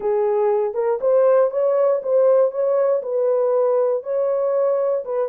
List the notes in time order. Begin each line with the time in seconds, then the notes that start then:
0.00 G#4
0.74 A#4
1.00 C5
1.50 C#5
2.02 C5
2.51 C#5
3.02 B4
4.03 C#5
5.04 B4